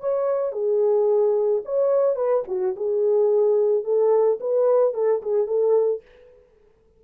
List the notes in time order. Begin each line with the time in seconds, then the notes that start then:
0.00 C#5
0.52 G#4
1.65 C#5
2.16 B4
2.48 F#4
2.76 G#4
3.84 A4
4.40 B4
4.94 A4
5.22 G#4
5.47 A4